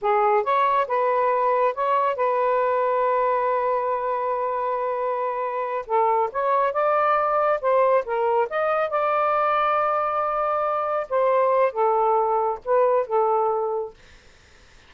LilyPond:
\new Staff \with { instrumentName = "saxophone" } { \time 4/4 \tempo 4 = 138 gis'4 cis''4 b'2 | cis''4 b'2.~ | b'1~ | b'4. a'4 cis''4 d''8~ |
d''4. c''4 ais'4 dis''8~ | dis''8 d''2.~ d''8~ | d''4. c''4. a'4~ | a'4 b'4 a'2 | }